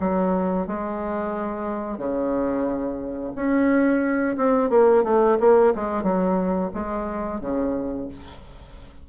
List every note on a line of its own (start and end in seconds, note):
0.00 0.67 F#3
0.67 1.98 G#3
1.98 3.33 C#3
3.36 4.37 C#4
4.38 4.70 C4
4.70 5.04 A#3
5.04 5.38 A3
5.40 5.74 A#3
5.75 6.03 G#3
6.03 6.71 F#3
6.74 7.41 G#3
7.41 8.08 C#3